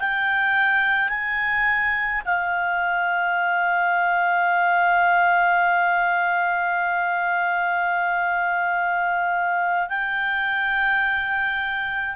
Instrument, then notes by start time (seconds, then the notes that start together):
clarinet
0.00 G5
1.09 G#5
2.26 F5
9.90 G5